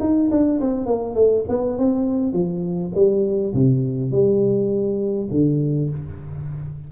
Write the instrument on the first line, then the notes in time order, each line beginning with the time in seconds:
tuba
0.00 D#4
0.31 D4
0.61 C4
0.86 A#3
1.15 A3
1.48 B3
1.78 C4
2.33 F3
2.95 G3
3.54 C3
4.11 G3
5.31 D3